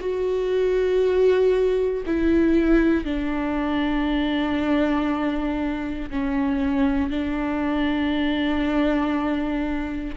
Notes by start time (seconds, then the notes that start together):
0.00 F#4
2.06 E4
3.05 D4
6.10 C#4
7.10 D4